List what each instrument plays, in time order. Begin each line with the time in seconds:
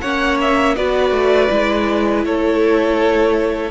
0.00 cello A#3, viola C#4, violin C#5 F#5
0.41 violin E5
0.75 cello B3, viola F#4, violin B4 D5
1.11 cello A3
1.49 cello G#3, viola E4
2.25 cello A3, violin A4 C#5